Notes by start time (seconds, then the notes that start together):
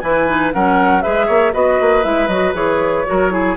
0.00 E3 E4 B4 G#5
0.27 D#4
0.54 F#3 C#4 A#4 F#5
1.02 G#3 G#4 B4 E5
1.27 A#3 C#5
1.53 B3 F#4 B4 D#5
1.81 A#3
2.03 G#3 E4 E5
2.28 F#3 F#4 D#5
2.54 E3 G#4 C#5
3.06 F#3 F#4 A#4
3.31 E4 G#4